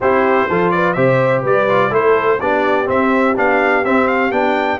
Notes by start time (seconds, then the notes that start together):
0.00 C4 E4 G4 C5
0.48 F3 F4 A4
0.70 B4 D5
0.93 C3 G4 C5 E5
1.42 G3 B4 D5
1.68 F4
1.90 A3 E4 A4 C5
2.40 B3 D4 G4 D5
2.85 C4 E5
3.36 B3 D4 F5
3.84 C4 E5
4.07 F5
4.30 B3 D4 G5